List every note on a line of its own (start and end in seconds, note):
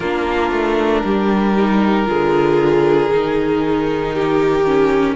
0.00 0.51 A#3
0.00 1.56 D4
0.00 1.02 F4
0.00 5.15 A#4
0.51 1.02 A3
1.04 2.07 G3
1.04 2.08 G4
1.56 2.05 D#4
2.05 3.09 D3
2.05 3.09 F4
2.05 4.14 G#4
3.09 5.15 D#3
3.09 4.65 D#4
4.14 5.15 G4
4.65 5.15 C#4